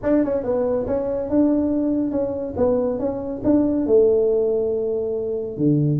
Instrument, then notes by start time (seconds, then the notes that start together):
tuba
0.03 D4
0.24 C#4
0.43 B3
0.86 C#4
1.29 D4
2.11 C#4
2.56 B3
2.99 C#4
3.43 D4
3.86 A3
5.57 D3